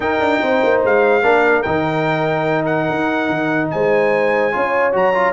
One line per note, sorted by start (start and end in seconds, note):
0.00 0.18 D#4
0.00 1.21 D#4
0.00 0.41 A#4
0.00 0.81 G5
0.19 0.40 D4
0.42 0.62 C4
0.42 1.23 C5
0.63 0.84 A#3
0.84 1.23 G#3
0.84 1.62 F5
1.23 1.65 A#3
1.23 1.64 D4
1.23 3.69 A#4
1.62 2.89 D#3
1.62 4.51 D#4
1.62 2.65 G5
2.65 3.68 F#5
2.89 3.29 D#4
3.29 3.70 D#3
3.70 4.55 G#3
3.70 4.54 C5
3.70 4.93 G#5
4.51 4.94 C#4
4.51 4.92 F4
4.51 5.33 C#5
4.92 5.33 F#3
4.92 5.13 F#4
4.92 5.33 A#5
5.13 5.33 F4